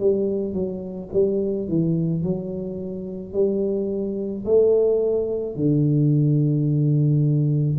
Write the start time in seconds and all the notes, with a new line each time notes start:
0.00 G3
0.54 F#3
1.13 G3
1.69 E3
2.24 F#3
3.33 G3
4.45 A3
5.56 D3